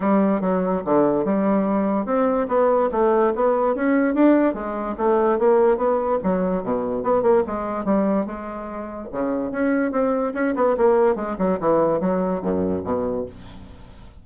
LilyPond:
\new Staff \with { instrumentName = "bassoon" } { \time 4/4 \tempo 4 = 145 g4 fis4 d4 g4~ | g4 c'4 b4 a4 | b4 cis'4 d'4 gis4 | a4 ais4 b4 fis4 |
b,4 b8 ais8 gis4 g4 | gis2 cis4 cis'4 | c'4 cis'8 b8 ais4 gis8 fis8 | e4 fis4 fis,4 b,4 | }